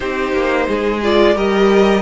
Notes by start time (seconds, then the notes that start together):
0.00 C4 D#4 G4 C5
0.33 A#3
0.67 G#3 G#4
1.02 F4 D5
1.34 G3 G4 A#4 D#5